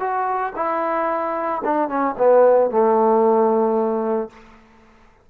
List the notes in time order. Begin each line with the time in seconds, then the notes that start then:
0.00 F#4
0.56 E4
1.64 D4
1.89 C#4
2.18 B3
2.71 A3